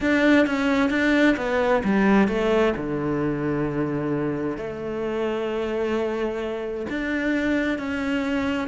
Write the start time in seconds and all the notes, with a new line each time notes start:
0.00 D4
0.46 C#4
0.90 D4
1.37 B3
1.84 G3
2.28 A3
2.76 D3
4.57 A3
6.89 D4
7.78 C#4